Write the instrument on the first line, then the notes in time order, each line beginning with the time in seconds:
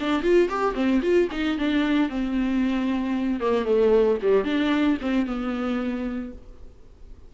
viola
0.00 D4
0.22 F4
0.49 G4
0.75 C4
1.02 F4
1.32 D#4
1.58 D4
2.09 C4
3.40 A#3
3.65 A3
4.22 G3
4.44 D4
5.01 C4
5.26 B3